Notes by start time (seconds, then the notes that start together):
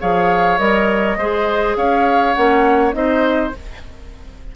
0.00 F3 G#4 C#5 F5
0.59 G3 A#4 D#5
1.17 G#3 G#4 C5
1.76 C#4 C#5 F5
2.34 A#3 C#4 F#5
2.92 C4 D#4 C5 D#5